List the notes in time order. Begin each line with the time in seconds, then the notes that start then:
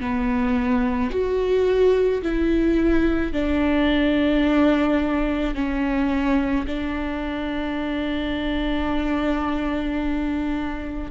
0.00 B3
1.11 F#4
2.22 E4
3.33 D4
5.55 C#4
6.67 D4